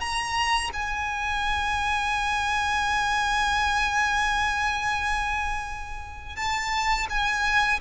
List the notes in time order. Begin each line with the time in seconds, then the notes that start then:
0.00 A#5
0.73 G#5
6.36 A5
7.09 G#5